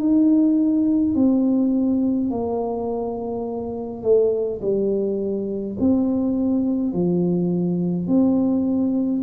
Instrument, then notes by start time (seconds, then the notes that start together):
tuba
0.00 D#4
1.15 C4
2.31 A#3
4.03 A3
4.62 G3
5.80 C4
6.93 F3
8.07 C4